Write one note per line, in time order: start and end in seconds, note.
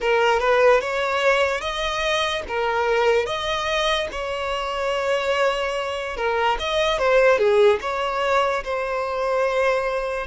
0.00 0.39 A#4
0.39 0.80 B4
0.80 1.60 C#5
1.60 2.42 D#5
2.48 3.25 A#4
3.25 4.08 D#5
4.11 6.16 C#5
6.16 6.58 A#4
6.59 6.98 D#5
6.98 7.38 C5
7.38 7.79 G#4
7.81 8.63 C#5
8.64 10.26 C5